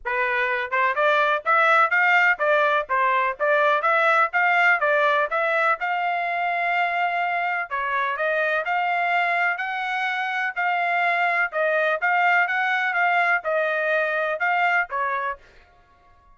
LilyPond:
\new Staff \with { instrumentName = "trumpet" } { \time 4/4 \tempo 4 = 125 b'4. c''8 d''4 e''4 | f''4 d''4 c''4 d''4 | e''4 f''4 d''4 e''4 | f''1 |
cis''4 dis''4 f''2 | fis''2 f''2 | dis''4 f''4 fis''4 f''4 | dis''2 f''4 cis''4 | }